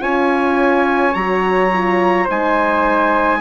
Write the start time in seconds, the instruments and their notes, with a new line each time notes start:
0.00 bassoon C#4, horn F4, flute C#5, trumpet G#5
1.14 bassoon F#3, horn F#4, trumpet A#5
1.73 horn F4
2.25 bassoon G#3, horn D#4, flute C5, trumpet G#5